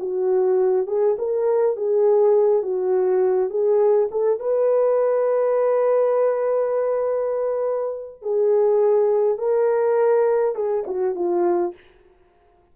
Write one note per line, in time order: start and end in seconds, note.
0.00 0.87 F#4
0.87 1.17 G#4
1.19 1.77 A#4
1.77 2.63 G#4
2.63 3.51 F#4
3.51 4.09 G#4
4.12 4.40 A4
4.40 8.22 B4
8.22 9.38 G#4
9.38 10.55 A#4
10.55 10.85 G#4
10.87 11.16 F#4
11.16 11.74 F4